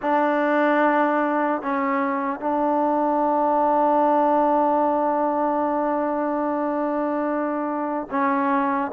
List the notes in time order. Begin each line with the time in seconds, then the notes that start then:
0.02 D4
1.61 C#4
2.40 D4
8.10 C#4